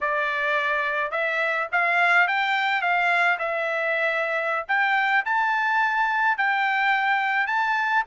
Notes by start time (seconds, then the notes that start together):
0.00 D5
1.11 E5
1.72 F5
2.27 G5
2.81 F5
3.38 E5
4.68 G5
5.25 A5
6.37 G5
7.47 A5